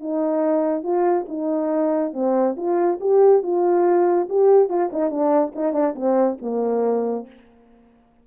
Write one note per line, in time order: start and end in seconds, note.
0.00 0.84 D#4
0.84 1.26 F4
1.29 2.13 D#4
2.13 2.56 C4
2.57 3.00 F4
3.01 3.43 G4
3.43 4.28 F4
4.30 4.69 G4
4.69 4.91 F4
4.93 5.11 D#4
5.11 5.53 D4
5.56 5.73 D#4
5.73 5.95 D4
5.95 6.38 C4
6.42 7.27 A#3